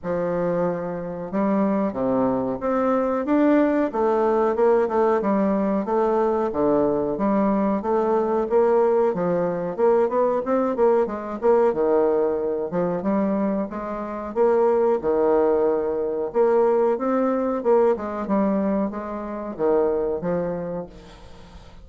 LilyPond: \new Staff \with { instrumentName = "bassoon" } { \time 4/4 \tempo 4 = 92 f2 g4 c4 | c'4 d'4 a4 ais8 a8 | g4 a4 d4 g4 | a4 ais4 f4 ais8 b8 |
c'8 ais8 gis8 ais8 dis4. f8 | g4 gis4 ais4 dis4~ | dis4 ais4 c'4 ais8 gis8 | g4 gis4 dis4 f4 | }